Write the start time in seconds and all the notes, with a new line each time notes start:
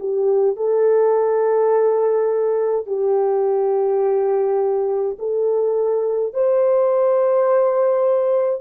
0.00 G4
0.57 A4
2.87 G4
5.19 A4
6.34 C5